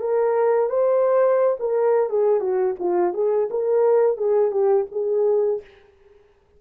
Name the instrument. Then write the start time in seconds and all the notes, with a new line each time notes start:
horn
0.00 A#4
0.69 C5
1.60 A#4
2.09 G#4
2.40 F#4
2.79 F4
3.14 G#4
3.50 A#4
4.17 G#4
4.51 G4
4.91 G#4